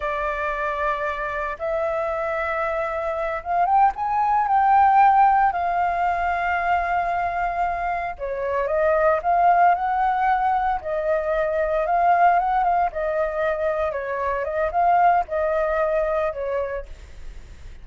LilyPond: \new Staff \with { instrumentName = "flute" } { \time 4/4 \tempo 4 = 114 d''2. e''4~ | e''2~ e''8 f''8 g''8 gis''8~ | gis''8 g''2 f''4.~ | f''2.~ f''8 cis''8~ |
cis''8 dis''4 f''4 fis''4.~ | fis''8 dis''2 f''4 fis''8 | f''8 dis''2 cis''4 dis''8 | f''4 dis''2 cis''4 | }